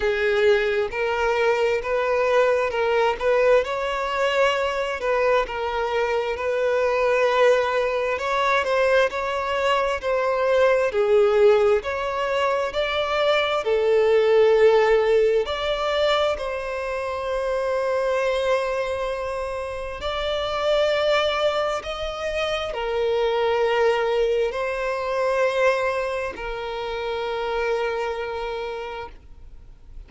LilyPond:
\new Staff \with { instrumentName = "violin" } { \time 4/4 \tempo 4 = 66 gis'4 ais'4 b'4 ais'8 b'8 | cis''4. b'8 ais'4 b'4~ | b'4 cis''8 c''8 cis''4 c''4 | gis'4 cis''4 d''4 a'4~ |
a'4 d''4 c''2~ | c''2 d''2 | dis''4 ais'2 c''4~ | c''4 ais'2. | }